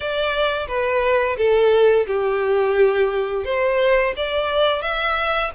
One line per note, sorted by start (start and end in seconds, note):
0.00 0.67 D5
0.67 1.36 B4
1.37 2.06 A4
2.06 3.44 G4
3.45 4.13 C5
4.16 4.82 D5
4.82 5.50 E5